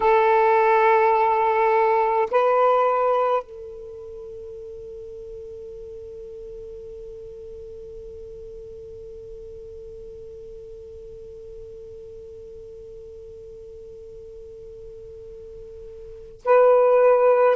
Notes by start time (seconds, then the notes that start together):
0.00 A4
2.30 B4
3.42 A4
16.44 B4